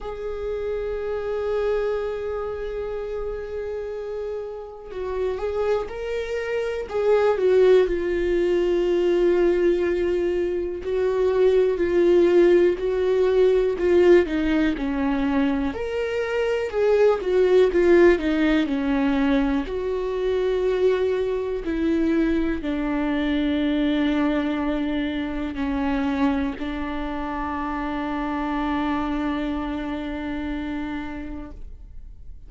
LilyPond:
\new Staff \with { instrumentName = "viola" } { \time 4/4 \tempo 4 = 61 gis'1~ | gis'4 fis'8 gis'8 ais'4 gis'8 fis'8 | f'2. fis'4 | f'4 fis'4 f'8 dis'8 cis'4 |
ais'4 gis'8 fis'8 f'8 dis'8 cis'4 | fis'2 e'4 d'4~ | d'2 cis'4 d'4~ | d'1 | }